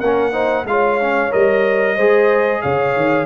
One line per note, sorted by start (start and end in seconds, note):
0.00 0.65 A#3
0.00 0.33 C#4
0.00 0.32 A#4
0.00 0.66 F#5
0.32 0.65 D#4
0.32 0.65 C5
0.65 1.30 G#3
0.65 1.02 F4
0.65 1.96 C#5
0.65 1.33 F5
1.02 1.31 C#4
1.31 1.98 G3
1.31 1.96 A#4
1.31 2.62 D#5
1.96 2.63 G#3
1.96 3.26 G#4
1.96 2.62 C5
2.62 2.96 C#3
2.62 3.26 C#5
2.62 3.26 F5
2.96 3.26 D#3